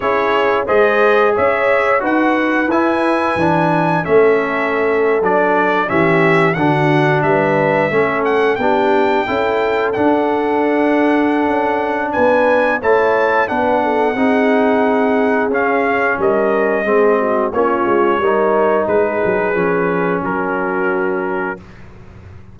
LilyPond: <<
  \new Staff \with { instrumentName = "trumpet" } { \time 4/4 \tempo 4 = 89 cis''4 dis''4 e''4 fis''4 | gis''2 e''4.~ e''16 d''16~ | d''8. e''4 fis''4 e''4~ e''16~ | e''16 fis''8 g''2 fis''4~ fis''16~ |
fis''2 gis''4 a''4 | fis''2. f''4 | dis''2 cis''2 | b'2 ais'2 | }
  \new Staff \with { instrumentName = "horn" } { \time 4/4 gis'4 c''4 cis''4 b'4~ | b'2 a'2~ | a'8. g'4 fis'4 b'4 a'16~ | a'8. g'4 a'2~ a'16~ |
a'2 b'4 cis''4 | b'8 a'8 gis'2. | ais'4 gis'8 fis'8 f'4 ais'4 | gis'2 fis'2 | }
  \new Staff \with { instrumentName = "trombone" } { \time 4/4 e'4 gis'2 fis'4 | e'4 d'4 cis'4.~ cis'16 d'16~ | d'8. cis'4 d'2 cis'16~ | cis'8. d'4 e'4 d'4~ d'16~ |
d'2. e'4 | d'4 dis'2 cis'4~ | cis'4 c'4 cis'4 dis'4~ | dis'4 cis'2. | }
  \new Staff \with { instrumentName = "tuba" } { \time 4/4 cis'4 gis4 cis'4 dis'4 | e'4 e4 a4.~ a16 fis16~ | fis8. e4 d4 g4 a16~ | a8. b4 cis'4 d'4~ d'16~ |
d'4 cis'4 b4 a4 | b4 c'2 cis'4 | g4 gis4 ais8 gis8 g4 | gis8 fis8 f4 fis2 | }
>>